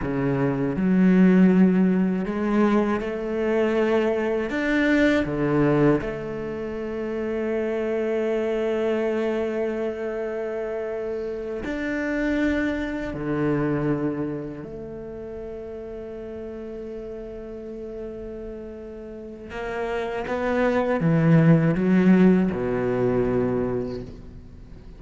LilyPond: \new Staff \with { instrumentName = "cello" } { \time 4/4 \tempo 4 = 80 cis4 fis2 gis4 | a2 d'4 d4 | a1~ | a2.~ a8 d'8~ |
d'4. d2 a8~ | a1~ | a2 ais4 b4 | e4 fis4 b,2 | }